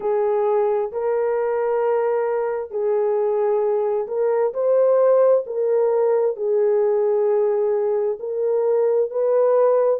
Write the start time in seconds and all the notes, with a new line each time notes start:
0.00 G#4
0.91 A#4
2.70 G#4
4.07 A#4
4.53 C5
5.46 A#4
6.36 G#4
8.19 A#4
9.10 B4